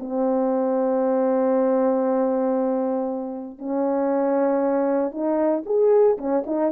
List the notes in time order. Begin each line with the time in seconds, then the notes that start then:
0.00 C4
3.59 C#4
5.12 D#4
5.66 G#4
6.18 C#4
6.47 D#4